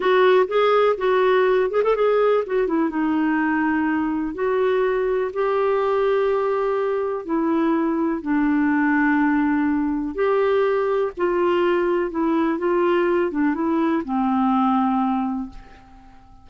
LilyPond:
\new Staff \with { instrumentName = "clarinet" } { \time 4/4 \tempo 4 = 124 fis'4 gis'4 fis'4. gis'16 a'16 | gis'4 fis'8 e'8 dis'2~ | dis'4 fis'2 g'4~ | g'2. e'4~ |
e'4 d'2.~ | d'4 g'2 f'4~ | f'4 e'4 f'4. d'8 | e'4 c'2. | }